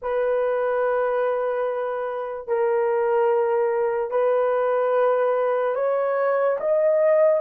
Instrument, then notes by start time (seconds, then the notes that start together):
horn
0.01 B4
2.47 A#4
4.11 B4
5.75 C#5
6.60 D#5